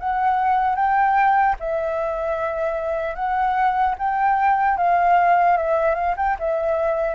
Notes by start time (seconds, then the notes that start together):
0.00 F#5
0.76 G5
1.60 E5
3.15 F#5
3.99 G5
4.77 F5
5.57 E5
5.95 F5
6.17 G5
6.39 E5